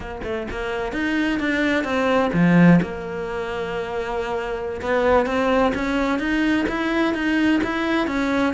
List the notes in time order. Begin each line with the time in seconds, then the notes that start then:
0.00 A#3
0.23 A3
0.50 A#3
0.92 D#4
1.39 D4
1.83 C4
2.33 F3
2.81 A#3
4.81 B3
5.25 C4
5.74 C#4
6.19 D#4
6.68 E4
7.14 D#4
7.63 E4
8.07 C#4